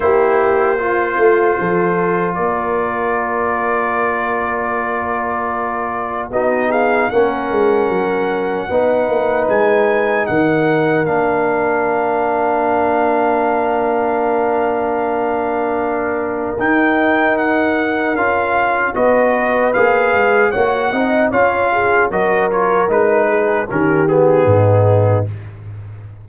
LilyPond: <<
  \new Staff \with { instrumentName = "trumpet" } { \time 4/4 \tempo 4 = 76 c''2. d''4~ | d''1 | dis''8 f''8 fis''2. | gis''4 fis''4 f''2~ |
f''1~ | f''4 g''4 fis''4 f''4 | dis''4 f''4 fis''4 f''4 | dis''8 cis''8 b'4 ais'8 gis'4. | }
  \new Staff \with { instrumentName = "horn" } { \time 4/4 g'4 f'4 a'4 ais'4~ | ais'1 | fis'8 gis'8 ais'2 b'4~ | b'4 ais'2.~ |
ais'1~ | ais'1 | b'2 cis''8 dis''8 cis''8 gis'8 | ais'4. gis'8 g'4 dis'4 | }
  \new Staff \with { instrumentName = "trombone" } { \time 4/4 e'4 f'2.~ | f'1 | dis'4 cis'2 dis'4~ | dis'2 d'2~ |
d'1~ | d'4 dis'2 f'4 | fis'4 gis'4 fis'8 dis'8 f'4 | fis'8 f'8 dis'4 cis'8 b4. | }
  \new Staff \with { instrumentName = "tuba" } { \time 4/4 ais4. a8 f4 ais4~ | ais1 | b4 ais8 gis8 fis4 b8 ais8 | gis4 dis4 ais2~ |
ais1~ | ais4 dis'2 cis'4 | b4 ais8 gis8 ais8 c'8 cis'4 | fis4 gis4 dis4 gis,4 | }
>>